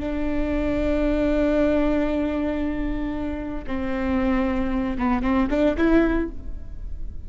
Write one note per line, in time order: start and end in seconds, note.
0.00 3.65 D4
3.67 4.98 C4
4.99 5.23 B3
5.23 5.49 C4
5.50 5.77 D4
5.78 6.30 E4